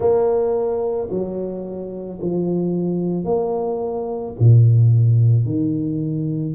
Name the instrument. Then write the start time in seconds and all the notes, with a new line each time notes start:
tuba
0.00 A#3
1.10 F#3
2.21 F3
3.24 A#3
4.39 A#2
5.45 D#3